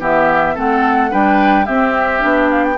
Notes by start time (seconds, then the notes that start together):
0.00 E3 B3 G4 E5
0.55 A3 C4 A4 F#5
1.11 G3 D4 B4 G5
1.66 C4 G4 E5
2.20 B3 D4
2.51 F5
2.64 G5